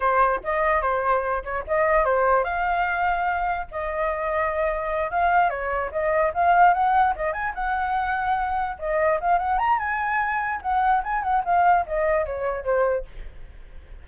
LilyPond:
\new Staff \with { instrumentName = "flute" } { \time 4/4 \tempo 4 = 147 c''4 dis''4 c''4. cis''8 | dis''4 c''4 f''2~ | f''4 dis''2.~ | dis''8 f''4 cis''4 dis''4 f''8~ |
f''8 fis''4 dis''8 gis''8 fis''4.~ | fis''4. dis''4 f''8 fis''8 ais''8 | gis''2 fis''4 gis''8 fis''8 | f''4 dis''4 cis''4 c''4 | }